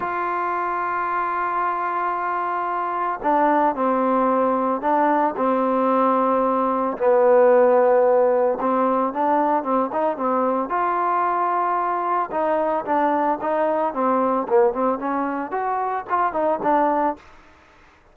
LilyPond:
\new Staff \with { instrumentName = "trombone" } { \time 4/4 \tempo 4 = 112 f'1~ | f'2 d'4 c'4~ | c'4 d'4 c'2~ | c'4 b2. |
c'4 d'4 c'8 dis'8 c'4 | f'2. dis'4 | d'4 dis'4 c'4 ais8 c'8 | cis'4 fis'4 f'8 dis'8 d'4 | }